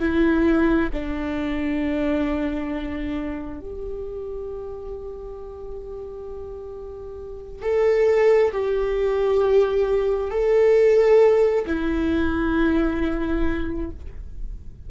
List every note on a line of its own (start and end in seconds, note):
0.00 0.90 E4
0.93 3.61 D4
3.61 7.62 G4
7.62 8.52 A4
8.53 10.31 G4
10.31 11.65 A4
11.67 13.91 E4